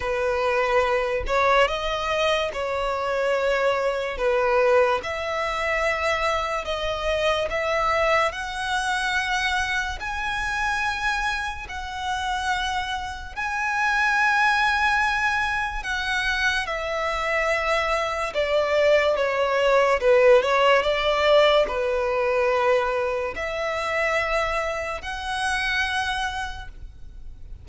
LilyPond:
\new Staff \with { instrumentName = "violin" } { \time 4/4 \tempo 4 = 72 b'4. cis''8 dis''4 cis''4~ | cis''4 b'4 e''2 | dis''4 e''4 fis''2 | gis''2 fis''2 |
gis''2. fis''4 | e''2 d''4 cis''4 | b'8 cis''8 d''4 b'2 | e''2 fis''2 | }